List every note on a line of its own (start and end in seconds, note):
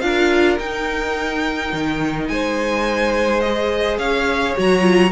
0.00 0.59 D4
0.00 0.58 F4
0.00 2.31 A#4
0.00 0.57 F5
0.59 1.73 D#4
0.59 3.43 D#4
0.59 2.28 G5
1.73 2.29 D#3
2.28 3.98 G#3
2.28 3.99 C5
2.28 3.41 G#5
3.41 4.57 G#4
3.41 3.97 D#5
3.98 4.54 C#4
3.98 5.12 C#5
3.98 4.55 F5
4.57 5.12 F#3
4.57 4.81 F#4
4.57 5.12 A#5
4.81 5.09 F4